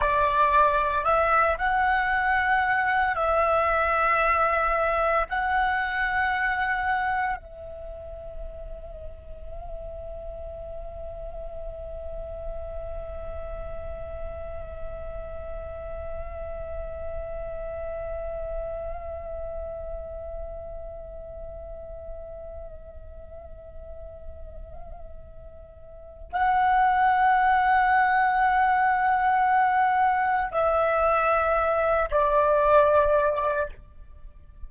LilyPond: \new Staff \with { instrumentName = "flute" } { \time 4/4 \tempo 4 = 57 d''4 e''8 fis''4. e''4~ | e''4 fis''2 e''4~ | e''1~ | e''1~ |
e''1~ | e''1~ | e''4 fis''2.~ | fis''4 e''4. d''4. | }